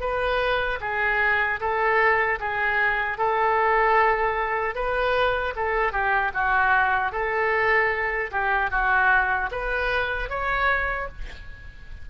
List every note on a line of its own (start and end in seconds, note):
0.00 0.79 B4
0.80 1.59 G#4
1.60 2.39 A4
2.39 3.18 G#4
3.18 4.75 A4
4.75 5.54 B4
5.56 5.92 A4
5.92 6.31 G4
6.33 7.12 F#4
7.12 8.30 A4
8.31 8.71 G4
8.71 9.50 F#4
9.51 10.29 B4
10.29 11.08 C#5